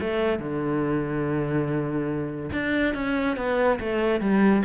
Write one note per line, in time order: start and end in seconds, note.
0.00 0.39 A3
0.39 2.50 D3
2.52 2.94 D4
2.94 3.36 C#4
3.36 3.79 B3
3.80 4.20 A3
4.20 4.63 G3